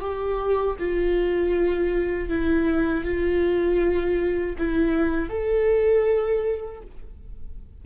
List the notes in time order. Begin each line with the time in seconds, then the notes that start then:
0.00 G4
0.79 F4
2.29 E4
3.04 F4
4.58 E4
5.29 A4